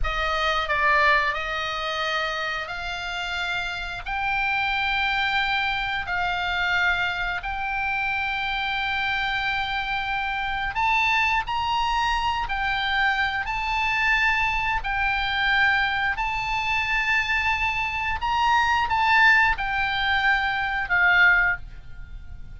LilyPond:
\new Staff \with { instrumentName = "oboe" } { \time 4/4 \tempo 4 = 89 dis''4 d''4 dis''2 | f''2 g''2~ | g''4 f''2 g''4~ | g''1 |
a''4 ais''4. g''4. | a''2 g''2 | a''2. ais''4 | a''4 g''2 f''4 | }